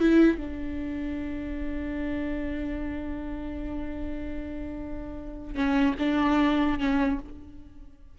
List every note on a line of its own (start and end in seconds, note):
0.00 0.38 E4
0.38 5.55 D4
5.55 5.95 C#4
5.99 6.79 D4
6.79 7.19 C#4